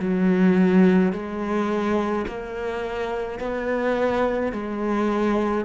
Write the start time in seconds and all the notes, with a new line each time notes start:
0.00 F#3
1.13 G#3
2.27 A#3
3.40 B3
4.53 G#3